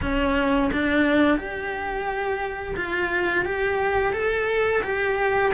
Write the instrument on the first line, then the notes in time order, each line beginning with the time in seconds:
cello
0.01 C#4
0.72 D4
1.37 G4
2.76 F4
3.45 G4
4.13 A4
4.83 G4